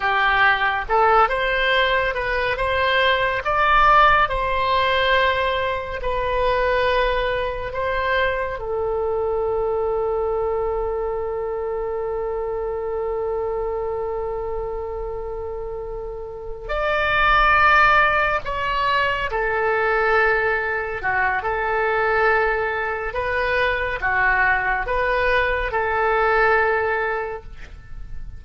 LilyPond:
\new Staff \with { instrumentName = "oboe" } { \time 4/4 \tempo 4 = 70 g'4 a'8 c''4 b'8 c''4 | d''4 c''2 b'4~ | b'4 c''4 a'2~ | a'1~ |
a'2.~ a'8 d''8~ | d''4. cis''4 a'4.~ | a'8 fis'8 a'2 b'4 | fis'4 b'4 a'2 | }